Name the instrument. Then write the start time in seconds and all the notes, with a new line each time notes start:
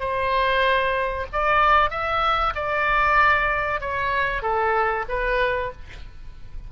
oboe
0.00 C5
1.33 D5
1.90 E5
2.56 D5
3.81 C#5
4.42 A4
5.09 B4